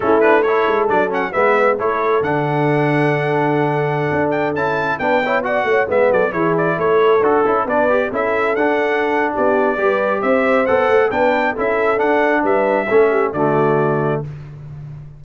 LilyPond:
<<
  \new Staff \with { instrumentName = "trumpet" } { \time 4/4 \tempo 4 = 135 a'8 b'8 cis''4 d''8 fis''8 e''4 | cis''4 fis''2.~ | fis''4.~ fis''16 g''8 a''4 g''8.~ | g''16 fis''4 e''8 d''8 cis''8 d''8 cis''8.~ |
cis''16 a'4 d''4 e''4 fis''8.~ | fis''4 d''2 e''4 | fis''4 g''4 e''4 fis''4 | e''2 d''2 | }
  \new Staff \with { instrumentName = "horn" } { \time 4/4 e'4 a'2 b'4 | a'1~ | a'2.~ a'16 b'8 cis''16~ | cis''16 d''8 cis''8 b'8 a'8 gis'4 a'8.~ |
a'4~ a'16 b'4 a'4.~ a'16~ | a'4 g'4 b'4 c''4~ | c''4 b'4 a'2 | b'4 a'8 g'8 fis'2 | }
  \new Staff \with { instrumentName = "trombone" } { \time 4/4 cis'8 d'8 e'4 d'8 cis'8 b4 | e'4 d'2.~ | d'2~ d'16 e'4 d'8 e'16~ | e'16 fis'4 b4 e'4.~ e'16~ |
e'16 fis'8 e'8 d'8 g'8 e'4 d'8.~ | d'2 g'2 | a'4 d'4 e'4 d'4~ | d'4 cis'4 a2 | }
  \new Staff \with { instrumentName = "tuba" } { \time 4/4 a4. gis8 fis4 gis4 | a4 d2.~ | d4~ d16 d'4 cis'4 b8.~ | b8. a8 gis8 fis8 e4 a8.~ |
a16 d'8 cis'8 b4 cis'4 d'8.~ | d'4 b4 g4 c'4 | b8 a8 b4 cis'4 d'4 | g4 a4 d2 | }
>>